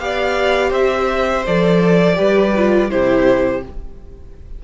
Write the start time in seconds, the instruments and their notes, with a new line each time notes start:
0.00 cello B3, viola G4, violin D5 F5
0.70 cello C4, violin C5 E5
1.46 cello F3, viola A4, violin D5
2.16 cello G3, viola G4, violin B4
2.57 viola F4
2.91 cello C3, viola E4, violin G4 C5